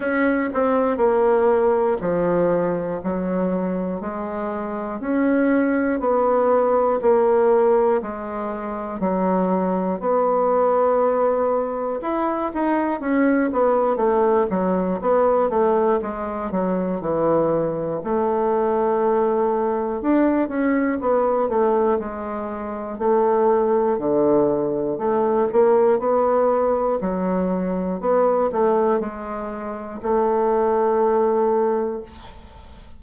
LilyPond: \new Staff \with { instrumentName = "bassoon" } { \time 4/4 \tempo 4 = 60 cis'8 c'8 ais4 f4 fis4 | gis4 cis'4 b4 ais4 | gis4 fis4 b2 | e'8 dis'8 cis'8 b8 a8 fis8 b8 a8 |
gis8 fis8 e4 a2 | d'8 cis'8 b8 a8 gis4 a4 | d4 a8 ais8 b4 fis4 | b8 a8 gis4 a2 | }